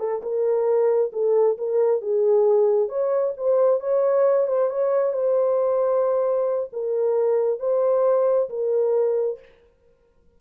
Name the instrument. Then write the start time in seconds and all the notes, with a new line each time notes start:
horn
0.00 A4
0.23 A#4
1.13 A4
1.58 A#4
2.02 G#4
2.89 C#5
3.37 C5
3.81 C#5
4.48 C5
4.70 C#5
5.14 C5
6.73 A#4
7.60 C5
8.50 A#4